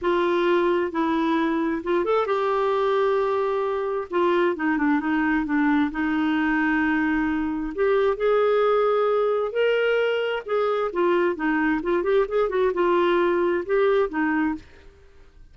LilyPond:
\new Staff \with { instrumentName = "clarinet" } { \time 4/4 \tempo 4 = 132 f'2 e'2 | f'8 a'8 g'2.~ | g'4 f'4 dis'8 d'8 dis'4 | d'4 dis'2.~ |
dis'4 g'4 gis'2~ | gis'4 ais'2 gis'4 | f'4 dis'4 f'8 g'8 gis'8 fis'8 | f'2 g'4 dis'4 | }